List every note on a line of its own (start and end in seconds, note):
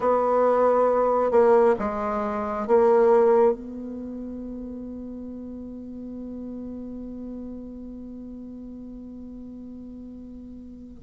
0.00 1.31 B3
1.31 1.75 A#3
1.78 2.67 G#3
2.67 3.53 A#3
3.53 11.03 B3